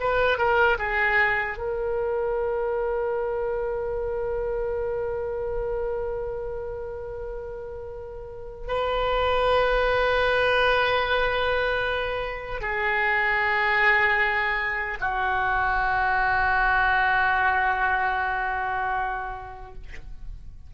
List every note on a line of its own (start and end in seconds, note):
0.00 0.38 B4
0.38 0.78 A#4
0.79 1.58 G#4
1.58 8.68 A#4
8.68 12.61 B4
12.61 14.98 G#4
15.01 19.74 F#4